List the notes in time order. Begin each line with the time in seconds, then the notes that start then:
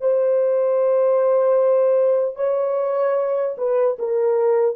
0.00 C5
2.35 C#5
3.57 B4
3.99 A#4